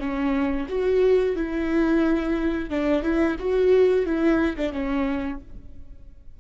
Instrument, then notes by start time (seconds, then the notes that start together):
viola
0.00 C#4
0.69 F#4
1.36 E4
2.70 D4
3.03 E4
3.39 F#4
4.06 E4
4.57 D4
4.73 C#4